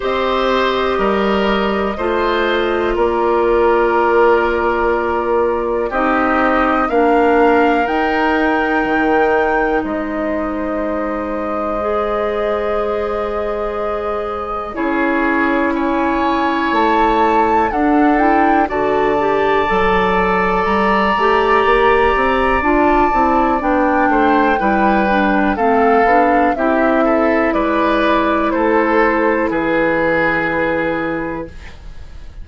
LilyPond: <<
  \new Staff \with { instrumentName = "flute" } { \time 4/4 \tempo 4 = 61 dis''2. d''4~ | d''2 dis''4 f''4 | g''2 dis''2~ | dis''2. cis''4 |
gis''4 a''4 fis''8 g''8 a''4~ | a''4 ais''2 a''4 | g''2 f''4 e''4 | d''4 c''4 b'2 | }
  \new Staff \with { instrumentName = "oboe" } { \time 4/4 c''4 ais'4 c''4 ais'4~ | ais'2 g'4 ais'4~ | ais'2 c''2~ | c''2. gis'4 |
cis''2 a'4 d''4~ | d''1~ | d''8 c''8 b'4 a'4 g'8 a'8 | b'4 a'4 gis'2 | }
  \new Staff \with { instrumentName = "clarinet" } { \time 4/4 g'2 f'2~ | f'2 dis'4 d'4 | dis'1 | gis'2. e'4~ |
e'2 d'8 e'8 fis'8 g'8 | a'4. g'4. f'8 e'8 | d'4 e'8 d'8 c'8 d'8 e'4~ | e'1 | }
  \new Staff \with { instrumentName = "bassoon" } { \time 4/4 c'4 g4 a4 ais4~ | ais2 c'4 ais4 | dis'4 dis4 gis2~ | gis2. cis'4~ |
cis'4 a4 d'4 d4 | fis4 g8 a8 ais8 c'8 d'8 c'8 | b8 a8 g4 a8 b8 c'4 | gis4 a4 e2 | }
>>